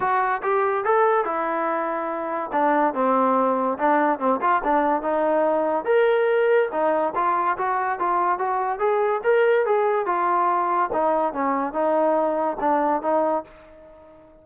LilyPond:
\new Staff \with { instrumentName = "trombone" } { \time 4/4 \tempo 4 = 143 fis'4 g'4 a'4 e'4~ | e'2 d'4 c'4~ | c'4 d'4 c'8 f'8 d'4 | dis'2 ais'2 |
dis'4 f'4 fis'4 f'4 | fis'4 gis'4 ais'4 gis'4 | f'2 dis'4 cis'4 | dis'2 d'4 dis'4 | }